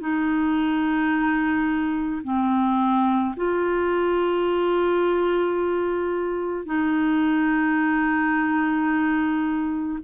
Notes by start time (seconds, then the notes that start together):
0.00 D#4
2.24 C4
3.36 F4
6.66 D#4